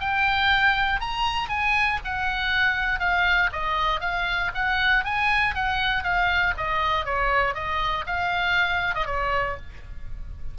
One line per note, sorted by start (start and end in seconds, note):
0.00 1.01 G5
1.01 1.49 A#5
1.49 1.99 G#5
2.04 3.00 F#5
3.00 3.50 F5
3.53 4.01 D#5
4.01 4.51 F5
4.55 5.04 F#5
5.04 5.55 G#5
5.55 6.04 F#5
6.04 6.54 F5
6.57 7.05 D#5
7.05 7.54 C#5
7.54 8.05 D#5
8.07 8.95 F5
8.95 9.06 D#5
9.06 9.57 C#5